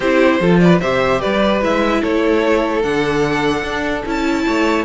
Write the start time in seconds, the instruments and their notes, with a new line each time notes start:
0.00 cello C4, viola E4, violin G4 C5
0.40 cello F3, viola F4, violin A4
0.59 violin B4 D5
0.80 cello C3, viola G4, violin C5 E5
1.21 cello G3, violin B4 D5
1.61 cello G#3, viola E4, violin E5
2.01 cello A3, violin A4 C#5
2.82 cello D3, viola D4, violin F#5
3.62 cello D4
4.05 cello C#4, viola E4, violin A5
4.46 cello A3, violin C#5